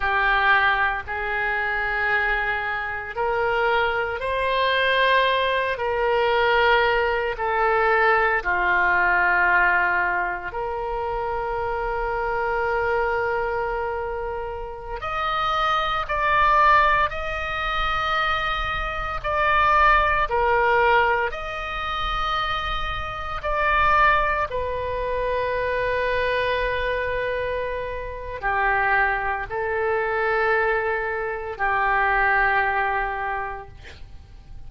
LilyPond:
\new Staff \with { instrumentName = "oboe" } { \time 4/4 \tempo 4 = 57 g'4 gis'2 ais'4 | c''4. ais'4. a'4 | f'2 ais'2~ | ais'2~ ais'16 dis''4 d''8.~ |
d''16 dis''2 d''4 ais'8.~ | ais'16 dis''2 d''4 b'8.~ | b'2. g'4 | a'2 g'2 | }